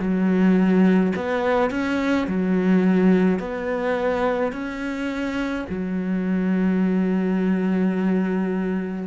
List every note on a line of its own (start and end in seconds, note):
0.00 1.13 F#3
1.16 1.71 B3
1.71 2.27 C#4
2.27 3.40 F#3
3.40 4.53 B3
4.53 5.66 C#4
5.70 9.08 F#3